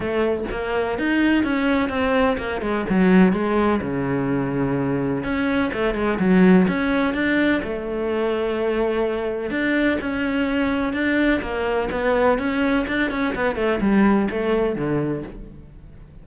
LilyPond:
\new Staff \with { instrumentName = "cello" } { \time 4/4 \tempo 4 = 126 a4 ais4 dis'4 cis'4 | c'4 ais8 gis8 fis4 gis4 | cis2. cis'4 | a8 gis8 fis4 cis'4 d'4 |
a1 | d'4 cis'2 d'4 | ais4 b4 cis'4 d'8 cis'8 | b8 a8 g4 a4 d4 | }